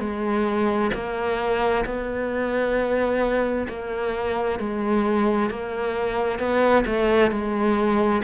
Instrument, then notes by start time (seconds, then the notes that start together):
cello
0.00 G#3
0.94 A#3
1.86 B3
3.69 A#3
4.60 G#3
5.50 A#3
6.39 B3
6.86 A3
7.31 G#3